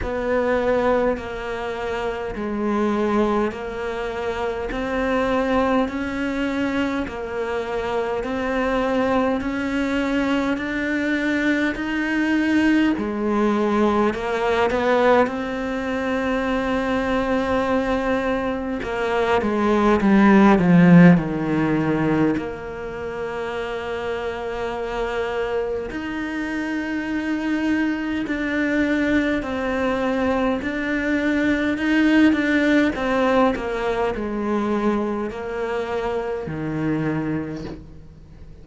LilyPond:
\new Staff \with { instrumentName = "cello" } { \time 4/4 \tempo 4 = 51 b4 ais4 gis4 ais4 | c'4 cis'4 ais4 c'4 | cis'4 d'4 dis'4 gis4 | ais8 b8 c'2. |
ais8 gis8 g8 f8 dis4 ais4~ | ais2 dis'2 | d'4 c'4 d'4 dis'8 d'8 | c'8 ais8 gis4 ais4 dis4 | }